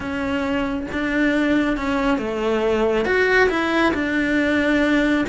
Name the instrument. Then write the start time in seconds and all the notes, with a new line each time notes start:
cello
0.00 C#4
0.92 D4
1.76 C#4
2.18 A3
3.05 F#4
3.49 E4
3.93 D4